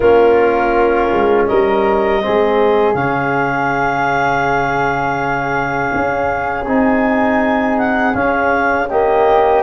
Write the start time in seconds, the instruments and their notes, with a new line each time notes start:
0.00 tuba A#3, trombone C#4, flute F4, clarinet A#4
1.12 tuba G#3
1.46 tuba G3, flute A#4, clarinet D#5
2.21 trombone C4, flute G#4
2.27 tuba G#3
2.94 tuba C#3, trombone C#4, clarinet F5
5.94 tuba C#4
6.66 tuba C4, trombone D#4, clarinet G#5
7.78 clarinet F#5
8.14 trombone C#4, tuba C#4, clarinet F5
8.88 trombone A#3, flute G4, clarinet D#5